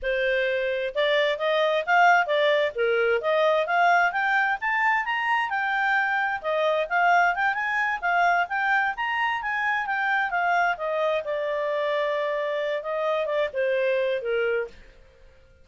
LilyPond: \new Staff \with { instrumentName = "clarinet" } { \time 4/4 \tempo 4 = 131 c''2 d''4 dis''4 | f''4 d''4 ais'4 dis''4 | f''4 g''4 a''4 ais''4 | g''2 dis''4 f''4 |
g''8 gis''4 f''4 g''4 ais''8~ | ais''8 gis''4 g''4 f''4 dis''8~ | dis''8 d''2.~ d''8 | dis''4 d''8 c''4. ais'4 | }